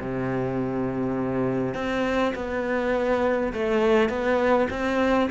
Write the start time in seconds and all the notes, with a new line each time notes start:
0.00 C3
1.75 C4
2.35 B3
3.53 A3
4.09 B3
4.70 C4